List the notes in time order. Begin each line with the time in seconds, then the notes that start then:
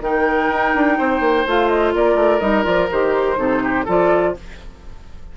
0.00 D#3 D#4 A#4 G5
0.50 D#4
0.74 D4
0.98 C4 C5
1.20 A#3
1.46 A3 F4 F5
1.68 D#5
1.94 A#3 A#4 D5
2.15 A3
2.40 G3 D#4 D#5
2.63 F3 F4 D5
2.91 D#3 G4 C5
3.36 C3 D#4 A4
3.63 G4
3.84 F3 F4 A4 D5